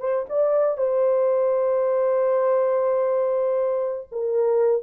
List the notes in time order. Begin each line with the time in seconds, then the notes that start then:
0.00 C5
0.29 D5
0.77 C5
4.11 A#4